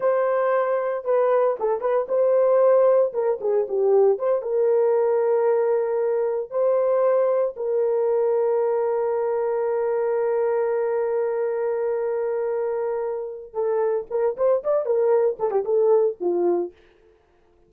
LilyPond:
\new Staff \with { instrumentName = "horn" } { \time 4/4 \tempo 4 = 115 c''2 b'4 a'8 b'8 | c''2 ais'8 gis'8 g'4 | c''8 ais'2.~ ais'8~ | ais'8 c''2 ais'4.~ |
ais'1~ | ais'1~ | ais'2 a'4 ais'8 c''8 | d''8 ais'4 a'16 g'16 a'4 f'4 | }